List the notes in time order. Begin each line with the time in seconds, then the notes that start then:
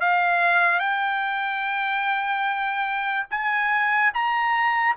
0.00 F5
0.80 G5
3.31 G#5
4.14 A#5